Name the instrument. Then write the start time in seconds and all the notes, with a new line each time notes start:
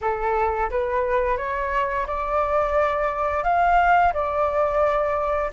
flute
0.01 A4
0.70 B4
1.37 C#5
2.07 D5
3.43 F5
4.13 D5